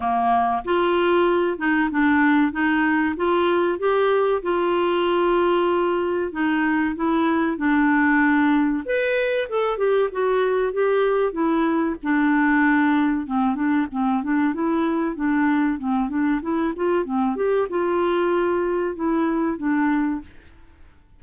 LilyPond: \new Staff \with { instrumentName = "clarinet" } { \time 4/4 \tempo 4 = 95 ais4 f'4. dis'8 d'4 | dis'4 f'4 g'4 f'4~ | f'2 dis'4 e'4 | d'2 b'4 a'8 g'8 |
fis'4 g'4 e'4 d'4~ | d'4 c'8 d'8 c'8 d'8 e'4 | d'4 c'8 d'8 e'8 f'8 c'8 g'8 | f'2 e'4 d'4 | }